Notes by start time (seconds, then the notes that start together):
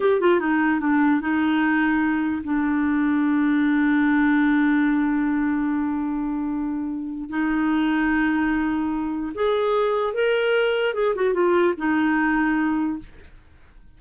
0.00 G4
0.20 F4
0.39 D#4
0.80 D4
1.21 D#4
2.43 D4
7.29 D#4
9.34 G#4
10.13 A#4
10.94 G#4
11.15 F#4
11.33 F4
11.77 D#4